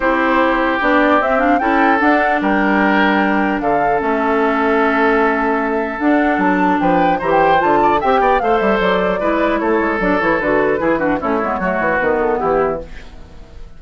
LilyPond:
<<
  \new Staff \with { instrumentName = "flute" } { \time 4/4 \tempo 4 = 150 c''2 d''4 e''8 f''8 | g''4 fis''4 g''2~ | g''4 f''4 e''2~ | e''2. fis''4 |
a''4 g''4 ais''16 g''8. a''4 | g''4 f''8 e''8 d''2 | cis''4 d''8 cis''8 b'2 | cis''2 b'8 a'8 g'4 | }
  \new Staff \with { instrumentName = "oboe" } { \time 4/4 g'1 | a'2 ais'2~ | ais'4 a'2.~ | a'1~ |
a'4 b'4 c''4. d''8 | e''8 d''8 c''2 b'4 | a'2. gis'8 fis'8 | e'4 fis'2 e'4 | }
  \new Staff \with { instrumentName = "clarinet" } { \time 4/4 e'2 d'4 c'8 d'8 | e'4 d'2.~ | d'2 cis'2~ | cis'2. d'4~ |
d'2 g'4 f'4 | g'4 a'2 e'4~ | e'4 d'8 e'8 fis'4 e'8 d'8 | cis'8 b8 a4 b2 | }
  \new Staff \with { instrumentName = "bassoon" } { \time 4/4 c'2 b4 c'4 | cis'4 d'4 g2~ | g4 d4 a2~ | a2. d'4 |
fis4 f4 e4 d4 | c'8 b8 a8 g8 fis4 gis4 | a8 gis8 fis8 e8 d4 e4 | a8 gis8 fis8 e8 dis4 e4 | }
>>